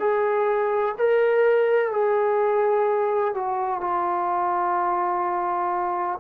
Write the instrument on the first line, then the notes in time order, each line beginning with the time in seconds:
trombone
0.00 G#4
0.99 A#4
1.92 G#4
3.35 F#4
3.81 F4